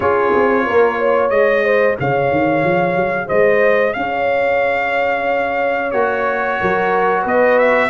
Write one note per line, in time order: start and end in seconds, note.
0.00 0.32 C#4
0.00 1.31 F4
0.00 0.65 G#4
0.00 1.29 C#5
0.34 0.66 C4
0.66 1.30 A#3
0.66 0.98 A#4
0.98 1.64 C#5
1.29 1.96 G#3
1.29 5.92 G#4
1.29 1.95 D#5
1.64 1.97 C5
1.99 2.31 C#3
1.99 3.26 C#5
1.99 3.28 F5
2.31 2.63 D#3
2.63 2.95 F3
2.95 3.28 F#3
3.26 3.96 G#3
3.26 3.92 C5
3.26 3.93 D#5
3.93 5.93 C#4
3.93 5.91 F5
3.99 6.60 C#5
5.91 6.59 A#3
5.91 7.89 F#4
5.91 7.23 C#5
6.60 7.25 F#3
6.60 7.22 A#4
7.22 7.89 B3
7.22 7.88 B4
7.22 7.58 D#5
7.58 7.89 E5